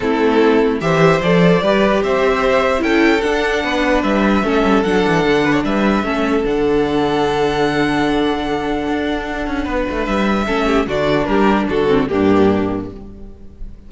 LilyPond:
<<
  \new Staff \with { instrumentName = "violin" } { \time 4/4 \tempo 4 = 149 a'2 e''4 d''4~ | d''4 e''2 g''4 | fis''2 e''2 | fis''2 e''2 |
fis''1~ | fis''1~ | fis''4 e''2 d''4 | ais'4 a'4 g'2 | }
  \new Staff \with { instrumentName = "violin" } { \time 4/4 e'2 c''2 | b'4 c''2 a'4~ | a'4 b'2 a'4~ | a'4. b'16 cis''16 b'4 a'4~ |
a'1~ | a'1 | b'2 a'8 g'8 fis'4 | g'4 fis'4 d'2 | }
  \new Staff \with { instrumentName = "viola" } { \time 4/4 c'2 g'4 a'4 | g'2. e'4 | d'2. cis'4 | d'2. cis'4 |
d'1~ | d'1~ | d'2 cis'4 d'4~ | d'4. c'8 ais2 | }
  \new Staff \with { instrumentName = "cello" } { \time 4/4 a2 e4 f4 | g4 c'2 cis'4 | d'4 b4 g4 a8 g8 | fis8 e8 d4 g4 a4 |
d1~ | d2 d'4. cis'8 | b8 a8 g4 a4 d4 | g4 d4 g,2 | }
>>